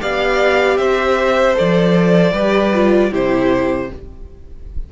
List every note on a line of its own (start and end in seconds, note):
0.00 0.78 B3
0.00 1.54 G4
0.00 0.79 D5
0.00 0.77 F5
0.77 1.56 C4
0.77 2.32 C5
0.77 1.55 E5
1.54 2.32 F3
1.54 2.32 A4
1.54 3.13 D5
2.32 3.10 G3
2.32 2.73 G4
2.32 3.10 B4
2.73 3.12 F4
3.11 3.90 C3
3.11 3.89 E4
3.11 3.89 G4
3.11 3.92 C5